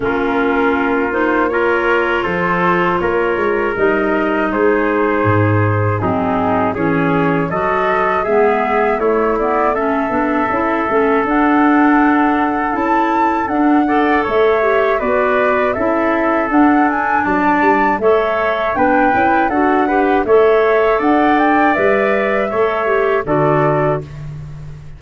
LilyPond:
<<
  \new Staff \with { instrumentName = "flute" } { \time 4/4 \tempo 4 = 80 ais'4. c''8 cis''4 c''4 | cis''4 dis''4 c''2 | gis'4 cis''4 dis''4 e''4 | cis''8 d''8 e''2 fis''4~ |
fis''4 a''4 fis''4 e''4 | d''4 e''4 fis''8 gis''8 a''4 | e''4 g''4 fis''4 e''4 | fis''8 g''8 e''2 d''4 | }
  \new Staff \with { instrumentName = "trumpet" } { \time 4/4 f'2 ais'4 a'4 | ais'2 gis'2 | dis'4 gis'4 a'4 gis'4 | e'4 a'2.~ |
a'2~ a'8 d''8 cis''4 | b'4 a'2 d''4 | cis''4 b'4 a'8 b'8 cis''4 | d''2 cis''4 a'4 | }
  \new Staff \with { instrumentName = "clarinet" } { \time 4/4 cis'4. dis'8 f'2~ | f'4 dis'2. | c'4 cis'4 fis'4 b4 | a8 b8 cis'8 d'8 e'8 cis'8 d'4~ |
d'4 e'4 d'8 a'4 g'8 | fis'4 e'4 d'2 | a'4 d'8 e'8 fis'8 g'8 a'4~ | a'4 b'4 a'8 g'8 fis'4 | }
  \new Staff \with { instrumentName = "tuba" } { \time 4/4 ais2. f4 | ais8 gis8 g4 gis4 gis,4 | fis4 e4 fis4 gis4 | a4. b8 cis'8 a8 d'4~ |
d'4 cis'4 d'4 a4 | b4 cis'4 d'4 fis8 g8 | a4 b8 cis'8 d'4 a4 | d'4 g4 a4 d4 | }
>>